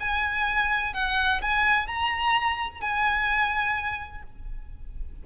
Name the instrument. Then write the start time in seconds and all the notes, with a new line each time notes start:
violin
0.00 G#5
0.94 F#5
1.42 G#5
1.87 A#5
2.81 G#5